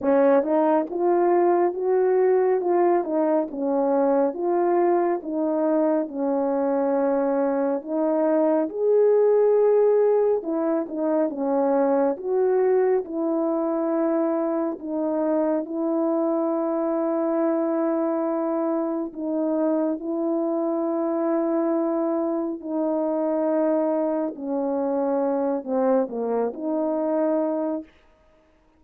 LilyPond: \new Staff \with { instrumentName = "horn" } { \time 4/4 \tempo 4 = 69 cis'8 dis'8 f'4 fis'4 f'8 dis'8 | cis'4 f'4 dis'4 cis'4~ | cis'4 dis'4 gis'2 | e'8 dis'8 cis'4 fis'4 e'4~ |
e'4 dis'4 e'2~ | e'2 dis'4 e'4~ | e'2 dis'2 | cis'4. c'8 ais8 dis'4. | }